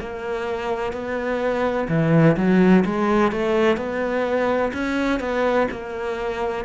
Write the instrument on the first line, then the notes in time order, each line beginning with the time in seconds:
cello
0.00 A#3
0.92 B3
1.88 E3
2.36 F#3
2.84 G#3
3.32 A3
3.77 B3
4.73 C#4
5.20 B3
5.71 A#3